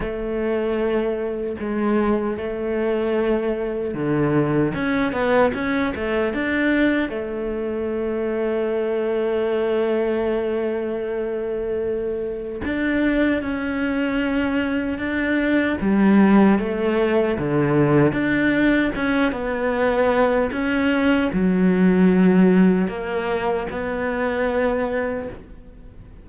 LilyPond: \new Staff \with { instrumentName = "cello" } { \time 4/4 \tempo 4 = 76 a2 gis4 a4~ | a4 d4 cis'8 b8 cis'8 a8 | d'4 a2.~ | a1 |
d'4 cis'2 d'4 | g4 a4 d4 d'4 | cis'8 b4. cis'4 fis4~ | fis4 ais4 b2 | }